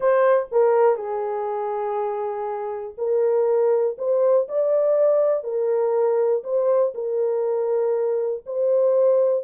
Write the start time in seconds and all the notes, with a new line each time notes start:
0.00 C5
0.51 A#4
0.96 G#4
2.97 A#4
3.98 C5
4.48 D5
5.43 A#4
6.43 C5
6.94 A#4
8.45 C5